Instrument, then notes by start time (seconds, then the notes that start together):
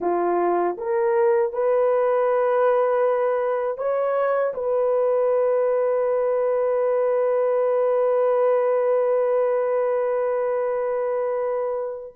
horn
0.00 F4
0.77 A#4
1.52 B4
3.77 C#5
4.54 B4